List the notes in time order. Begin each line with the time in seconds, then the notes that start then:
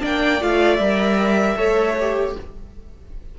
0.00 A#3 D4 D5 G5
0.40 A3 F4 F5
0.76 G3 A#4 E5
1.57 A3 A4 C#5
2.00 G4